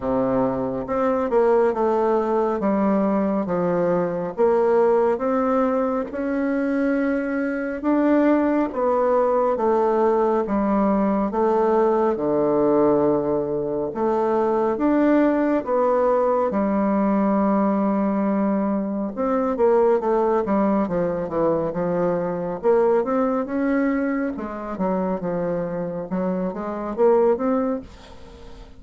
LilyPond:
\new Staff \with { instrumentName = "bassoon" } { \time 4/4 \tempo 4 = 69 c4 c'8 ais8 a4 g4 | f4 ais4 c'4 cis'4~ | cis'4 d'4 b4 a4 | g4 a4 d2 |
a4 d'4 b4 g4~ | g2 c'8 ais8 a8 g8 | f8 e8 f4 ais8 c'8 cis'4 | gis8 fis8 f4 fis8 gis8 ais8 c'8 | }